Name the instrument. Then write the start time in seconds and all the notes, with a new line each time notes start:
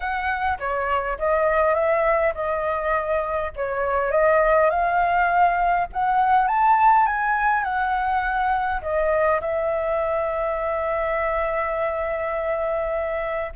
flute
0.00 F#5
0.59 C#5
1.18 D#5
1.74 E5
2.34 D#5
3.56 C#5
4.11 D#5
4.70 F5
5.93 F#5
6.47 A5
7.06 G#5
7.63 F#5
8.81 D#5
9.40 E5